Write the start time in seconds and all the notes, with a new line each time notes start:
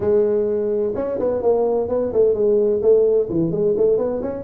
0.00 G#3
0.95 C#4
1.19 B3
1.41 A#3
1.88 B3
2.12 A3
2.34 G#3
2.82 A3
3.29 E3
3.51 G#3
3.76 A3
3.97 B3
4.21 C#4